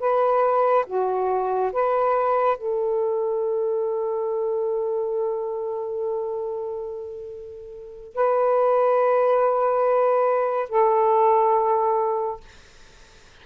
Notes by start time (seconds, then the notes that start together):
0.00 B4
0.87 F#4
1.73 B4
2.58 A4
8.15 B4
10.69 A4